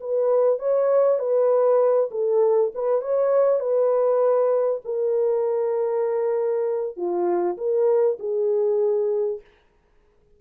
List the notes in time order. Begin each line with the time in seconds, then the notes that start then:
0.00 B4
0.59 C#5
1.19 B4
2.11 A4
2.74 B4
3.01 C#5
3.60 B4
4.85 A#4
6.96 F4
7.57 A#4
8.19 G#4